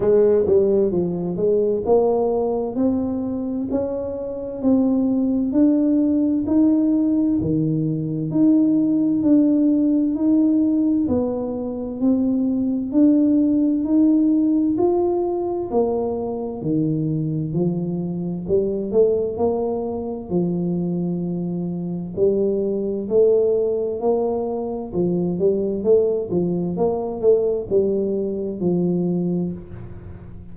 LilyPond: \new Staff \with { instrumentName = "tuba" } { \time 4/4 \tempo 4 = 65 gis8 g8 f8 gis8 ais4 c'4 | cis'4 c'4 d'4 dis'4 | dis4 dis'4 d'4 dis'4 | b4 c'4 d'4 dis'4 |
f'4 ais4 dis4 f4 | g8 a8 ais4 f2 | g4 a4 ais4 f8 g8 | a8 f8 ais8 a8 g4 f4 | }